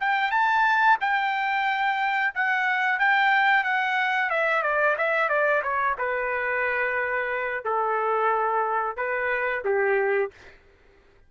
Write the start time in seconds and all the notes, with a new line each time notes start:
0.00 G5
0.31 A5
1.00 G5
2.35 F#5
2.99 G5
3.64 F#5
4.29 E5
4.62 D5
4.98 E5
5.29 D5
5.63 C#5
5.98 B4
7.64 A4
8.97 B4
9.64 G4